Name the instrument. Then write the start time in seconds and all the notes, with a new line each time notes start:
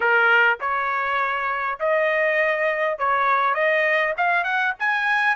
trumpet
0.00 A#4
0.60 C#5
1.79 D#5
2.98 C#5
3.54 D#5
4.17 F5
4.44 F#5
4.79 G#5